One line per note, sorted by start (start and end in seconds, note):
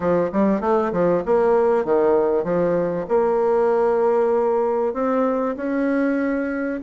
0.00 0.30 F3
0.32 0.60 G3
0.60 0.91 A3
0.92 1.23 F3
1.25 1.84 A#3
1.84 2.44 D#3
2.44 3.06 F3
3.08 4.93 A#3
4.93 5.55 C4
5.56 6.80 C#4